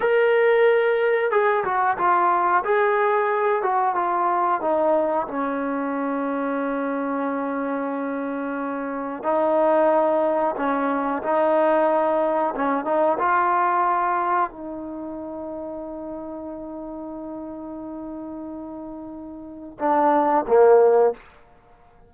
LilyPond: \new Staff \with { instrumentName = "trombone" } { \time 4/4 \tempo 4 = 91 ais'2 gis'8 fis'8 f'4 | gis'4. fis'8 f'4 dis'4 | cis'1~ | cis'2 dis'2 |
cis'4 dis'2 cis'8 dis'8 | f'2 dis'2~ | dis'1~ | dis'2 d'4 ais4 | }